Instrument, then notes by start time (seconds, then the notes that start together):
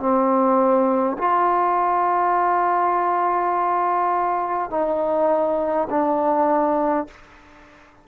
trombone
0.00 C4
1.18 F4
4.71 D#4
5.90 D4